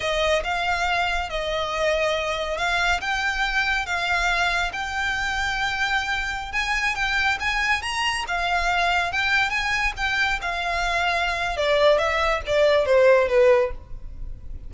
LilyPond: \new Staff \with { instrumentName = "violin" } { \time 4/4 \tempo 4 = 140 dis''4 f''2 dis''4~ | dis''2 f''4 g''4~ | g''4 f''2 g''4~ | g''2.~ g''16 gis''8.~ |
gis''16 g''4 gis''4 ais''4 f''8.~ | f''4~ f''16 g''4 gis''4 g''8.~ | g''16 f''2~ f''8. d''4 | e''4 d''4 c''4 b'4 | }